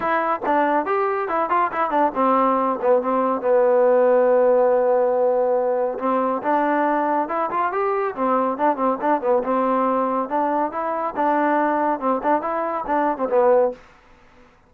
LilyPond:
\new Staff \with { instrumentName = "trombone" } { \time 4/4 \tempo 4 = 140 e'4 d'4 g'4 e'8 f'8 | e'8 d'8 c'4. b8 c'4 | b1~ | b2 c'4 d'4~ |
d'4 e'8 f'8 g'4 c'4 | d'8 c'8 d'8 b8 c'2 | d'4 e'4 d'2 | c'8 d'8 e'4 d'8. c'16 b4 | }